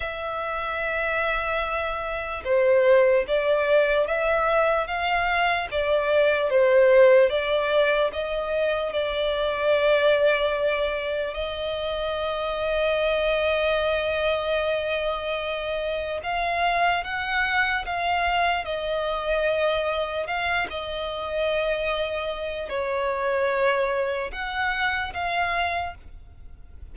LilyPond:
\new Staff \with { instrumentName = "violin" } { \time 4/4 \tempo 4 = 74 e''2. c''4 | d''4 e''4 f''4 d''4 | c''4 d''4 dis''4 d''4~ | d''2 dis''2~ |
dis''1 | f''4 fis''4 f''4 dis''4~ | dis''4 f''8 dis''2~ dis''8 | cis''2 fis''4 f''4 | }